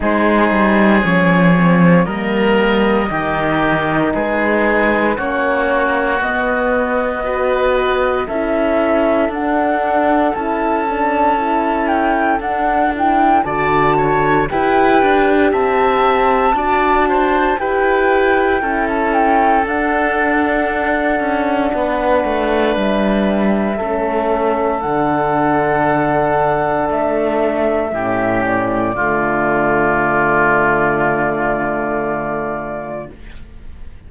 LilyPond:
<<
  \new Staff \with { instrumentName = "flute" } { \time 4/4 \tempo 4 = 58 c''4 cis''4 dis''2 | b'4 cis''4 dis''2 | e''4 fis''4 a''4. g''8 | fis''8 g''8 a''4 g''4 a''4~ |
a''4 g''4~ g''16 a''16 g''8 fis''4~ | fis''2 e''2 | fis''2 e''4. d''8~ | d''1 | }
  \new Staff \with { instrumentName = "oboe" } { \time 4/4 gis'2 ais'4 g'4 | gis'4 fis'2 b'4 | a'1~ | a'4 d''8 cis''8 b'4 e''4 |
d''8 c''8 b'4 a'2~ | a'4 b'2 a'4~ | a'2. g'4 | f'1 | }
  \new Staff \with { instrumentName = "horn" } { \time 4/4 dis'4 cis'8 c'8 ais4 dis'4~ | dis'4 cis'4 b4 fis'4 | e'4 d'4 e'8 d'8 e'4 | d'8 e'8 fis'4 g'2 |
fis'4 g'4 e'4 d'4~ | d'2. cis'4 | d'2. cis'4 | a1 | }
  \new Staff \with { instrumentName = "cello" } { \time 4/4 gis8 g8 f4 g4 dis4 | gis4 ais4 b2 | cis'4 d'4 cis'2 | d'4 d4 e'8 d'8 c'4 |
d'4 e'4 cis'4 d'4~ | d'8 cis'8 b8 a8 g4 a4 | d2 a4 a,4 | d1 | }
>>